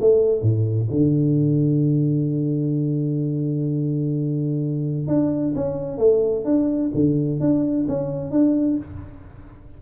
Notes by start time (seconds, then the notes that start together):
0.00 A3
0.42 A2
0.91 D3
5.08 D4
5.55 C#4
5.98 A3
6.45 D4
6.94 D3
7.40 D4
7.88 C#4
8.31 D4